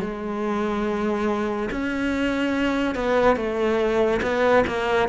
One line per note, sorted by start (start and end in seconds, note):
0.00 1.69 G#3
1.71 2.95 C#4
2.95 3.36 B3
3.36 4.20 A3
4.22 4.64 B3
4.67 5.09 A#3